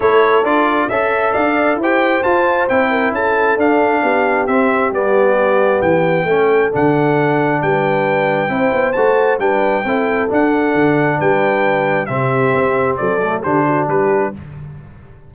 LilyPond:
<<
  \new Staff \with { instrumentName = "trumpet" } { \time 4/4 \tempo 4 = 134 cis''4 d''4 e''4 f''4 | g''4 a''4 g''4 a''4 | f''2 e''4 d''4~ | d''4 g''2 fis''4~ |
fis''4 g''2. | a''4 g''2 fis''4~ | fis''4 g''2 e''4~ | e''4 d''4 c''4 b'4 | }
  \new Staff \with { instrumentName = "horn" } { \time 4/4 a'2 e''4 d''4 | c''2~ c''8 ais'8 a'4~ | a'4 g'2.~ | g'2 a'2~ |
a'4 b'2 c''4~ | c''4 b'4 a'2~ | a'4 b'2 g'4~ | g'4 a'4 g'8 fis'8 g'4 | }
  \new Staff \with { instrumentName = "trombone" } { \time 4/4 e'4 f'4 a'2 | g'4 f'4 e'2 | d'2 c'4 b4~ | b2 cis'4 d'4~ |
d'2. e'4 | fis'4 d'4 e'4 d'4~ | d'2. c'4~ | c'4. a8 d'2 | }
  \new Staff \with { instrumentName = "tuba" } { \time 4/4 a4 d'4 cis'4 d'4 | e'4 f'4 c'4 cis'4 | d'4 b4 c'4 g4~ | g4 e4 a4 d4~ |
d4 g2 c'8 b8 | a4 g4 c'4 d'4 | d4 g2 c4 | c'4 fis4 d4 g4 | }
>>